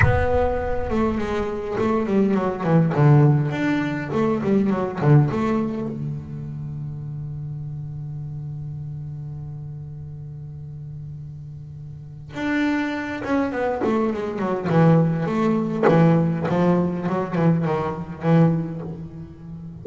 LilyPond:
\new Staff \with { instrumentName = "double bass" } { \time 4/4 \tempo 4 = 102 b4. a8 gis4 a8 g8 | fis8 e8 d4 d'4 a8 g8 | fis8 d8 a4 d2~ | d1~ |
d1~ | d4 d'4. cis'8 b8 a8 | gis8 fis8 e4 a4 e4 | f4 fis8 e8 dis4 e4 | }